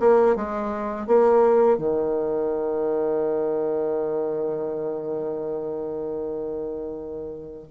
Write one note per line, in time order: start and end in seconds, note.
0.00 0.36 A#3
0.36 1.07 G#3
1.07 1.78 A#3
1.78 7.67 D#3